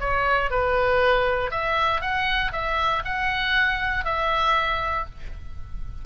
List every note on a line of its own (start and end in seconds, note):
0.00 0.50 C#5
0.51 1.51 B4
1.51 2.01 E5
2.01 2.52 F#5
2.53 3.03 E5
3.05 4.05 F#5
4.05 5.06 E5